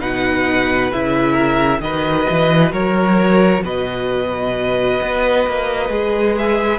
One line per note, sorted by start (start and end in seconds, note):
0.00 0.92 B2
0.00 0.91 D#4
0.00 1.33 B4
0.00 0.92 F#5
0.92 1.81 C#3
0.92 1.82 E4
0.92 1.81 E5
1.33 1.78 A#4
1.81 2.26 D#3
1.81 5.90 F#4
1.81 2.73 B4
1.81 2.72 D#5
2.30 2.72 E3
2.72 3.63 F#3
2.72 3.63 A#4
2.72 3.64 C#5
3.64 5.01 B2
3.64 6.79 B4
3.64 6.38 D#5
5.02 5.47 B3
5.47 5.90 A#3
5.90 6.79 G#3
5.90 6.79 G#4
6.38 6.79 E5